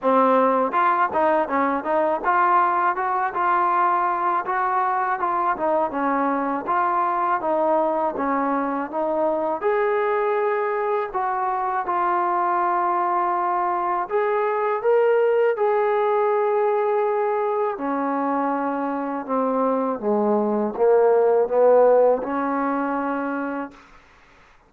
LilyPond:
\new Staff \with { instrumentName = "trombone" } { \time 4/4 \tempo 4 = 81 c'4 f'8 dis'8 cis'8 dis'8 f'4 | fis'8 f'4. fis'4 f'8 dis'8 | cis'4 f'4 dis'4 cis'4 | dis'4 gis'2 fis'4 |
f'2. gis'4 | ais'4 gis'2. | cis'2 c'4 gis4 | ais4 b4 cis'2 | }